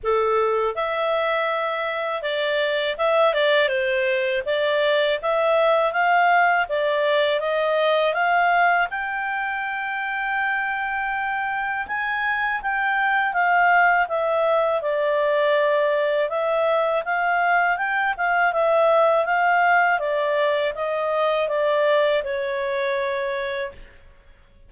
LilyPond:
\new Staff \with { instrumentName = "clarinet" } { \time 4/4 \tempo 4 = 81 a'4 e''2 d''4 | e''8 d''8 c''4 d''4 e''4 | f''4 d''4 dis''4 f''4 | g''1 |
gis''4 g''4 f''4 e''4 | d''2 e''4 f''4 | g''8 f''8 e''4 f''4 d''4 | dis''4 d''4 cis''2 | }